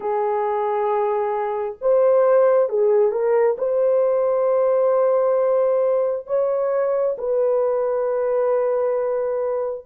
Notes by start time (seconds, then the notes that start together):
0.00 G#4
1.81 C5
2.69 G#4
3.11 A#4
3.58 C5
6.26 C#5
7.18 B4